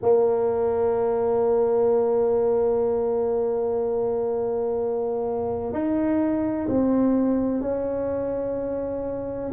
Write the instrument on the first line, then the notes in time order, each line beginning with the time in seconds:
tuba
0.02 A#3
5.72 D#4
6.68 C4
7.61 C#4